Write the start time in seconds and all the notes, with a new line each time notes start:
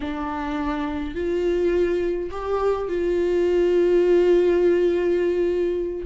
0.00 D4
1.14 F4
2.31 G4
2.88 F4